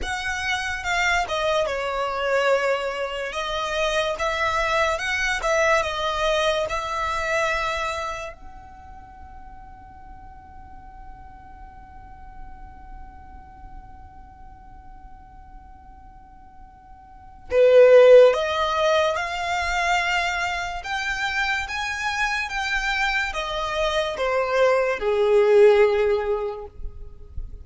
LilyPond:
\new Staff \with { instrumentName = "violin" } { \time 4/4 \tempo 4 = 72 fis''4 f''8 dis''8 cis''2 | dis''4 e''4 fis''8 e''8 dis''4 | e''2 fis''2~ | fis''1~ |
fis''1~ | fis''4 b'4 dis''4 f''4~ | f''4 g''4 gis''4 g''4 | dis''4 c''4 gis'2 | }